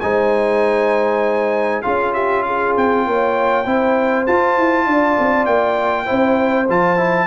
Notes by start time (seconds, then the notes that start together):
0.00 G#3 D#4 C5 G#5
1.82 C#4 F4 G#4 F5
2.13 G4 E5
2.43 G#4 F5
2.76 C4 G5
3.06 A#3 C#5
3.65 C4 E4 C5
4.26 F4 A5
4.58 E4
4.86 D4 D5
5.19 C4
5.46 A#3 G5
6.05 C4 E4 C5
6.69 F3 F4 A5
6.97 E4